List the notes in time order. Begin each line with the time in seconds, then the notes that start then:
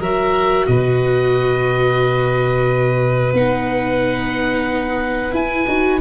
0.00 F#3 F#4 A#4 E5
0.67 B2 B4 D#5
3.34 B3 D#4 F#5
5.32 E4 G#5
5.67 D#4 F#4